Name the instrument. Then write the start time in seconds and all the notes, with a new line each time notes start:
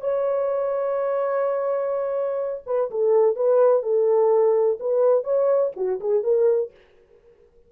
horn
0.00 C#5
2.66 B4
2.90 A4
3.35 B4
3.82 A4
4.80 B4
5.24 C#5
5.76 F#4
6.00 G#4
6.23 A#4